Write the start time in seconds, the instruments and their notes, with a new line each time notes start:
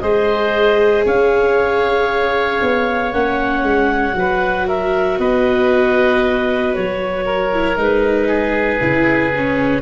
0.00 tuba G#3, viola G#4, oboe C5, clarinet D#5
1.05 tuba C#4, oboe C#5, clarinet F5
2.61 tuba B3
3.12 tuba A#3, viola C#4, clarinet F#5
3.62 tuba G#3
4.13 tuba F#3, viola F#4, oboe B4
4.67 oboe A#4, clarinet E5
5.18 tuba B3, oboe B4, clarinet D#5
6.74 tuba F#3, clarinet C#5
7.25 oboe A#4
7.53 viola E4
7.76 tuba G#3, viola D#4, clarinet B4
8.27 oboe G#4
8.80 tuba C#3, viola E4
9.36 viola C#4